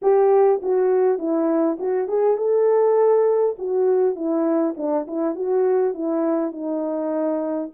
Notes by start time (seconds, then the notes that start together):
0.01 G4
0.62 F#4
1.18 E4
1.79 F#4
2.07 G#4
2.37 A4
3.58 F#4
4.15 E4
4.76 D4
5.07 E4
5.35 F#4
5.94 E4
6.51 D#4